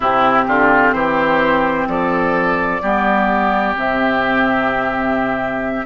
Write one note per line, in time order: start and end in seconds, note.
0.00 0.47 C3
0.00 2.80 C4
0.00 0.44 E4
0.00 0.93 G4
0.47 0.93 D3
0.47 0.94 F4
0.93 1.86 E3
0.93 1.88 G4
0.93 1.87 C5
1.87 2.81 F3
1.87 2.81 A4
1.87 3.75 D5
2.81 3.76 G3
2.81 3.74 B3
2.81 5.85 G4
3.74 5.85 C3
3.74 5.85 C4
3.74 5.85 E5